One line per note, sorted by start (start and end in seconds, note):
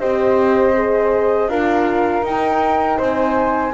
0.00 1.48 C4
0.00 0.75 G4
0.00 1.50 C5
0.00 1.50 D#5
0.75 1.49 G#4
1.48 2.23 D4
1.48 2.24 F4
1.48 2.98 A#4
1.48 2.25 F5
2.23 2.98 D#4
2.23 3.75 D#4
2.23 3.00 G5
2.98 3.74 C4
2.98 3.73 C5
2.98 3.75 G#5